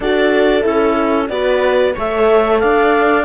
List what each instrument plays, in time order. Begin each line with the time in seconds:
0.00 cello D4, horn F#4, viola A4, clarinet D5
0.62 cello C#4, horn E4, clarinet A4
1.28 cello B3, horn F#4, viola B4, clarinet D5
1.94 cello A3, horn A4, viola C#5, clarinet E5
2.59 cello D4, viola D5, clarinet F5